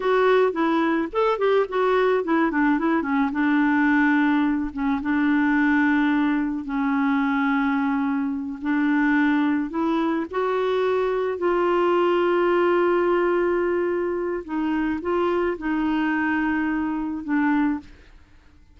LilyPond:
\new Staff \with { instrumentName = "clarinet" } { \time 4/4 \tempo 4 = 108 fis'4 e'4 a'8 g'8 fis'4 | e'8 d'8 e'8 cis'8 d'2~ | d'8 cis'8 d'2. | cis'2.~ cis'8 d'8~ |
d'4. e'4 fis'4.~ | fis'8 f'2.~ f'8~ | f'2 dis'4 f'4 | dis'2. d'4 | }